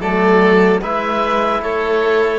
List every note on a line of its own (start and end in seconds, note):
0.00 0.81 F#3
0.00 0.81 A3
0.00 0.80 A4
0.00 0.81 D5
0.81 1.62 G#3
0.81 2.39 E4
0.81 1.61 B4
0.81 1.62 E5
1.62 2.39 A3
1.62 2.39 A4
1.62 2.39 C#5